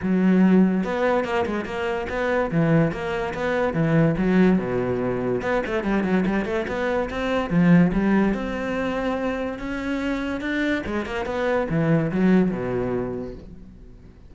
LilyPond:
\new Staff \with { instrumentName = "cello" } { \time 4/4 \tempo 4 = 144 fis2 b4 ais8 gis8 | ais4 b4 e4 ais4 | b4 e4 fis4 b,4~ | b,4 b8 a8 g8 fis8 g8 a8 |
b4 c'4 f4 g4 | c'2. cis'4~ | cis'4 d'4 gis8 ais8 b4 | e4 fis4 b,2 | }